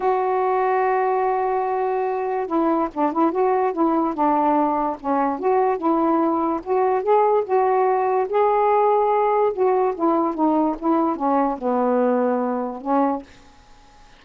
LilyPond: \new Staff \with { instrumentName = "saxophone" } { \time 4/4 \tempo 4 = 145 fis'1~ | fis'2 e'4 d'8 e'8 | fis'4 e'4 d'2 | cis'4 fis'4 e'2 |
fis'4 gis'4 fis'2 | gis'2. fis'4 | e'4 dis'4 e'4 cis'4 | b2. cis'4 | }